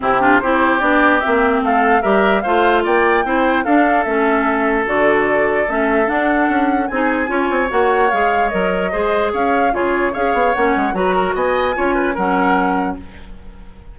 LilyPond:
<<
  \new Staff \with { instrumentName = "flute" } { \time 4/4 \tempo 4 = 148 g'4 c''4 d''4 e''4 | f''4 e''4 f''4 g''4~ | g''4 f''4 e''2 | d''2 e''4 fis''4~ |
fis''4 gis''2 fis''4 | f''4 dis''2 f''4 | cis''4 f''4 fis''4 ais''4 | gis''2 fis''2 | }
  \new Staff \with { instrumentName = "oboe" } { \time 4/4 e'8 f'8 g'2. | a'4 ais'4 c''4 d''4 | c''4 a'2.~ | a'1~ |
a'4 gis'4 cis''2~ | cis''2 c''4 cis''4 | gis'4 cis''2 b'8 ais'8 | dis''4 cis''8 b'8 ais'2 | }
  \new Staff \with { instrumentName = "clarinet" } { \time 4/4 c'8 d'8 e'4 d'4 c'4~ | c'4 g'4 f'2 | e'4 d'4 cis'2 | fis'2 cis'4 d'4~ |
d'4 dis'4 f'4 fis'4 | gis'4 ais'4 gis'2 | f'4 gis'4 cis'4 fis'4~ | fis'4 f'4 cis'2 | }
  \new Staff \with { instrumentName = "bassoon" } { \time 4/4 c4 c'4 b4 ais4 | a4 g4 a4 ais4 | c'4 d'4 a2 | d2 a4 d'4 |
cis'4 c'4 cis'8 c'8 ais4 | gis4 fis4 gis4 cis'4 | cis4 cis'8 b8 ais8 gis8 fis4 | b4 cis'4 fis2 | }
>>